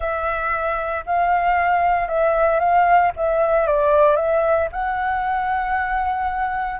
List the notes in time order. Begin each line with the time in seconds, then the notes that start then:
0.00 E5
1.06 F5
2.08 E5
2.59 F5
3.16 E5
3.66 D5
4.16 E5
4.71 F#5